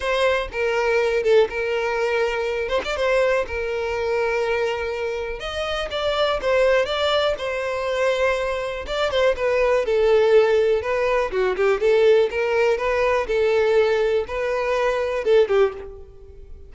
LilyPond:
\new Staff \with { instrumentName = "violin" } { \time 4/4 \tempo 4 = 122 c''4 ais'4. a'8 ais'4~ | ais'4. c''16 d''16 c''4 ais'4~ | ais'2. dis''4 | d''4 c''4 d''4 c''4~ |
c''2 d''8 c''8 b'4 | a'2 b'4 fis'8 g'8 | a'4 ais'4 b'4 a'4~ | a'4 b'2 a'8 g'8 | }